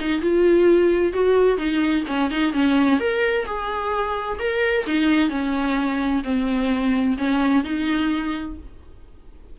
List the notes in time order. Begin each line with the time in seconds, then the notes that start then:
0.00 D#4
0.21 F4
1.13 F#4
1.58 D#4
2.07 C#4
2.31 D#4
2.53 C#4
3.00 A#4
3.46 G#4
4.39 A#4
4.87 D#4
5.30 C#4
6.24 C4
7.18 C#4
7.64 D#4